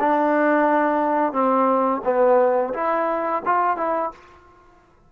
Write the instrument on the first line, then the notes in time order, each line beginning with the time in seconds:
trombone
0.00 D4
1.33 C4
2.05 B3
2.74 E4
3.45 F4
3.77 E4